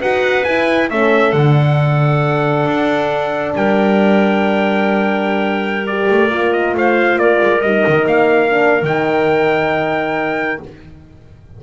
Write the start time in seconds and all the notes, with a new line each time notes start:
0.00 D#4 F#4 B4 F#5
0.44 E4 G#5
0.89 A3 C#4 A4 E5
1.32 D3 D4 F#5
2.66 D4
3.55 G3 A#4 G5
5.86 G4 D5
6.10 A3
6.30 A#3 F4
6.52 D#5
6.74 A3 C5 F5
7.15 A#3 A#4 D5
7.41 G#3
7.61 G3 D#4 D#5
7.87 D#3
8.06 A#3 F5
8.50 D4
8.82 D#3 D#4 G5